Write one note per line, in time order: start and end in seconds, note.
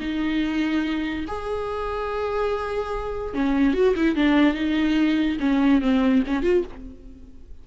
0.00 1.25 D#4
1.27 3.34 G#4
3.34 3.73 C#4
3.73 3.94 F#4
3.96 4.15 E4
4.15 4.54 D4
4.54 5.37 D#4
5.40 5.81 C#4
5.81 6.23 C4
6.27 6.43 C#4
6.43 6.63 F4